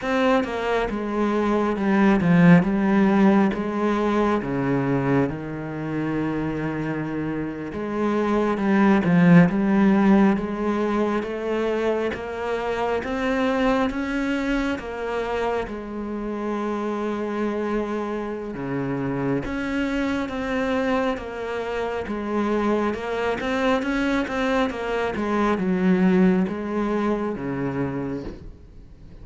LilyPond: \new Staff \with { instrumentName = "cello" } { \time 4/4 \tempo 4 = 68 c'8 ais8 gis4 g8 f8 g4 | gis4 cis4 dis2~ | dis8. gis4 g8 f8 g4 gis16~ | gis8. a4 ais4 c'4 cis'16~ |
cis'8. ais4 gis2~ gis16~ | gis4 cis4 cis'4 c'4 | ais4 gis4 ais8 c'8 cis'8 c'8 | ais8 gis8 fis4 gis4 cis4 | }